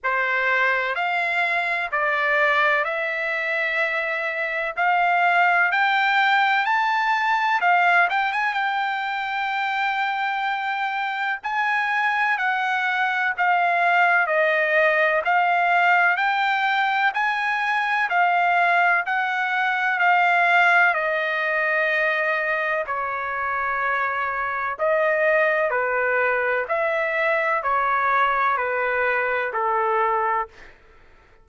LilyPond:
\new Staff \with { instrumentName = "trumpet" } { \time 4/4 \tempo 4 = 63 c''4 f''4 d''4 e''4~ | e''4 f''4 g''4 a''4 | f''8 g''16 gis''16 g''2. | gis''4 fis''4 f''4 dis''4 |
f''4 g''4 gis''4 f''4 | fis''4 f''4 dis''2 | cis''2 dis''4 b'4 | e''4 cis''4 b'4 a'4 | }